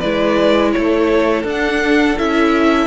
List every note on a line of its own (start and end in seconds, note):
0.00 0.75 G#3
0.00 1.46 E4
0.00 0.71 B4
0.00 0.71 D5
0.72 1.44 A3
0.72 2.87 A4
0.72 1.43 C#5
1.44 2.15 D4
1.44 2.18 D4
1.44 2.18 F#5
2.18 2.87 C#4
2.18 2.87 E4
2.18 2.87 E5